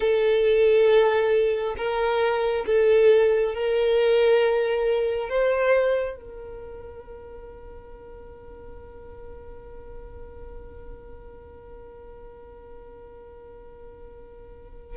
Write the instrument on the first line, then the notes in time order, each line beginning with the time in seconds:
violin
0.00 A4
1.76 A#4
2.66 A4
3.54 A#4
5.29 C5
6.16 A#4